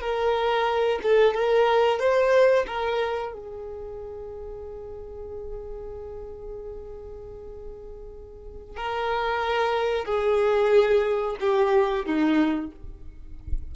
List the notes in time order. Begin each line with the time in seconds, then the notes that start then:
0.00 A#4
1.02 A4
1.34 A#4
1.99 C5
2.67 A#4
3.33 G#4
8.76 A#4
10.05 G#4
11.40 G4
12.05 D#4